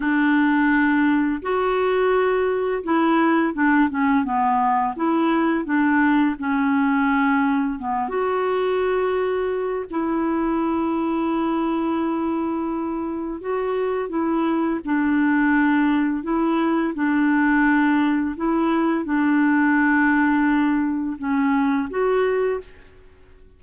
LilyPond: \new Staff \with { instrumentName = "clarinet" } { \time 4/4 \tempo 4 = 85 d'2 fis'2 | e'4 d'8 cis'8 b4 e'4 | d'4 cis'2 b8 fis'8~ | fis'2 e'2~ |
e'2. fis'4 | e'4 d'2 e'4 | d'2 e'4 d'4~ | d'2 cis'4 fis'4 | }